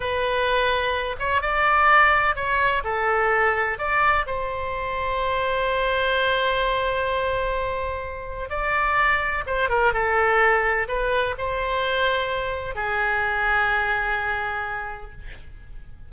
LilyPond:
\new Staff \with { instrumentName = "oboe" } { \time 4/4 \tempo 4 = 127 b'2~ b'8 cis''8 d''4~ | d''4 cis''4 a'2 | d''4 c''2.~ | c''1~ |
c''2 d''2 | c''8 ais'8 a'2 b'4 | c''2. gis'4~ | gis'1 | }